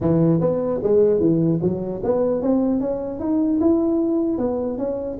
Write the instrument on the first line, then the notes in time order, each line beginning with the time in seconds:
tuba
0.00 E3
0.40 B3
0.83 G#3
1.20 E3
1.62 F#3
2.03 B3
2.41 C4
2.80 C#4
3.19 D#4
3.60 E4
4.38 B3
4.78 C#4